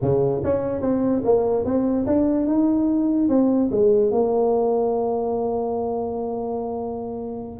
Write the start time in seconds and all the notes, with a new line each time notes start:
0.01 C#3
0.44 C#4
0.81 C4
1.24 A#3
1.64 C4
2.06 D4
2.46 D#4
3.29 C4
3.71 G#3
4.11 A#3